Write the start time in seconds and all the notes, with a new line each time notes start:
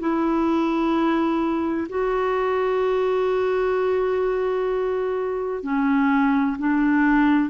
0.00 E4
1.89 F#4
5.62 C#4
6.58 D4